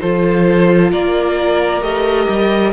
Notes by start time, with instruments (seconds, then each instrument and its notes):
0.00 cello F3, viola F4, violin A4 C5
0.91 cello A#3, violin A#4 D5
1.81 cello A3, viola G4, violin D#5
2.28 cello G3